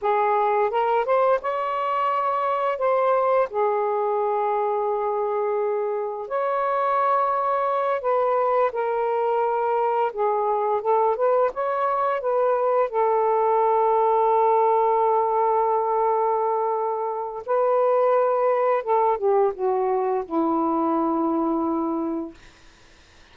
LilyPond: \new Staff \with { instrumentName = "saxophone" } { \time 4/4 \tempo 4 = 86 gis'4 ais'8 c''8 cis''2 | c''4 gis'2.~ | gis'4 cis''2~ cis''8 b'8~ | b'8 ais'2 gis'4 a'8 |
b'8 cis''4 b'4 a'4.~ | a'1~ | a'4 b'2 a'8 g'8 | fis'4 e'2. | }